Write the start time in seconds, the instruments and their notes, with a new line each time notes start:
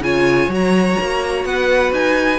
0.00 cello C#3, viola F4, violin C#5 G#5
0.48 cello F#3, viola F#4
0.55 violin A#5
1.01 cello A#3
1.44 cello B3, violin B4 F#5
1.92 cello D#4, violin G#5